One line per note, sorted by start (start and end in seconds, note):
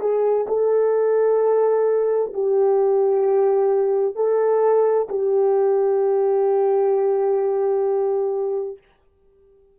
0.00 0.46 G#4
0.47 2.32 A4
2.33 4.15 G4
4.15 5.08 A4
5.09 8.78 G4